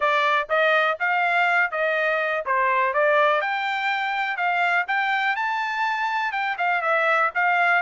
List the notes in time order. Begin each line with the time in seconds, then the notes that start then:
0.00 D5
0.49 D#5
0.99 F5
1.71 D#5
2.45 C5
2.93 D5
3.41 G5
4.36 F5
4.87 G5
5.36 A5
6.32 G5
6.58 F5
6.81 E5
7.34 F5